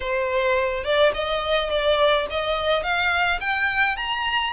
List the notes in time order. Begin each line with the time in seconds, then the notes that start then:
0.00 C5
0.84 D5
1.14 D#5
1.70 D5
2.30 D#5
2.83 F5
3.40 G5
3.96 A#5